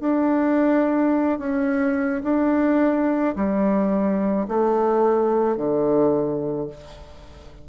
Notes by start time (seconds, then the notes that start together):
0.00 D4
1.39 C#4
2.24 D4
3.36 G3
4.48 A3
5.57 D3